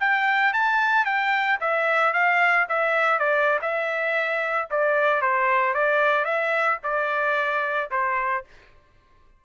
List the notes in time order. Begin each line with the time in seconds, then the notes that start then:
0.00 G5
0.54 A5
1.05 G5
1.60 E5
2.13 F5
2.69 E5
3.19 D5
3.62 E5
4.70 D5
5.22 C5
5.74 D5
6.25 E5
6.83 D5
7.91 C5